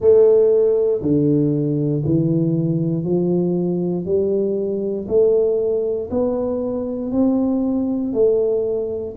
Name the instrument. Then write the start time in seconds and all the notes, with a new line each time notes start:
tuba
0.00 A3
1.01 D3
2.05 E3
3.04 F3
4.04 G3
5.08 A3
6.10 B3
7.11 C4
8.13 A3